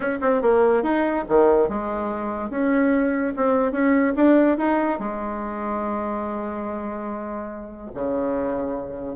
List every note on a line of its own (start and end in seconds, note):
0.00 0.18 C#4
0.21 0.42 C4
0.42 0.82 A#3
0.82 1.24 D#4
1.28 1.68 D#3
1.68 2.50 G#3
2.50 3.33 C#4
3.36 3.72 C4
3.72 4.13 C#4
4.16 4.57 D4
4.57 4.99 D#4
4.99 7.91 G#3
7.94 9.16 C#3